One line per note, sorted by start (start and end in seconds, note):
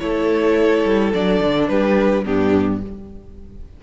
0.00 0.85 A3
0.00 1.14 E4
0.00 1.71 A4
0.00 1.13 C#5
0.85 1.13 G3
1.14 1.41 F#3
1.14 2.25 D4
1.14 1.69 D5
1.41 1.69 D3
1.69 2.26 G3
1.69 2.25 G4
1.69 2.25 B4
2.25 2.84 G2
2.25 2.82 B3
2.25 2.82 D4
2.25 2.83 G4